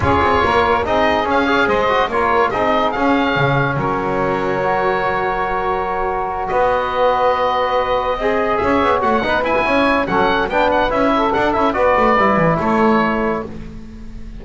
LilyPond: <<
  \new Staff \with { instrumentName = "oboe" } { \time 4/4 \tempo 4 = 143 cis''2 dis''4 f''4 | dis''4 cis''4 dis''4 f''4~ | f''4 cis''2.~ | cis''2.~ cis''8 dis''8~ |
dis''1~ | dis''8 e''4 fis''4 gis''4. | fis''4 g''8 fis''8 e''4 fis''8 e''8 | d''2 cis''2 | }
  \new Staff \with { instrumentName = "saxophone" } { \time 4/4 gis'4 ais'4 gis'4. cis''8 | c''4 ais'4 gis'2~ | gis'4 ais'2.~ | ais'2.~ ais'8 b'8~ |
b'2.~ b'8 dis''8~ | dis''8 cis''4. b'4 cis''4 | a'4 b'4. a'4. | b'2 a'2 | }
  \new Staff \with { instrumentName = "trombone" } { \time 4/4 f'2 dis'4 cis'8 gis'8~ | gis'8 fis'8 f'4 dis'4 cis'4~ | cis'2. fis'4~ | fis'1~ |
fis'2.~ fis'8 gis'8~ | gis'4. fis'8 dis'8 e'4. | cis'4 d'4 e'4 d'8 e'8 | fis'4 e'2. | }
  \new Staff \with { instrumentName = "double bass" } { \time 4/4 cis'8 c'8 ais4 c'4 cis'4 | gis4 ais4 c'4 cis'4 | cis4 fis2.~ | fis2.~ fis8 b8~ |
b2.~ b8 c'8~ | c'8 cis'8 b8 a8 b8 e'16 b16 cis'4 | fis4 b4 cis'4 d'8 cis'8 | b8 a8 g8 e8 a2 | }
>>